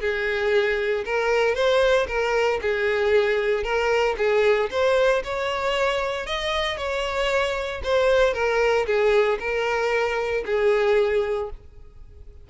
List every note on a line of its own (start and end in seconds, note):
0.00 1.04 G#4
1.05 1.55 A#4
1.55 2.07 C5
2.08 2.60 A#4
2.62 3.64 G#4
3.64 4.16 A#4
4.17 4.70 G#4
4.71 5.23 C5
5.24 6.26 C#5
6.26 6.77 D#5
6.77 7.81 C#5
7.84 8.34 C5
8.34 8.86 A#4
8.86 9.38 G#4
9.39 10.44 A#4
10.45 11.50 G#4